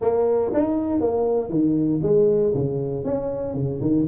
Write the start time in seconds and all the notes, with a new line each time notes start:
0.01 A#3
0.53 D#4
1.00 A#3
1.49 D#3
2.02 G#3
2.54 C#3
3.04 C#4
3.54 C#3
3.81 D#3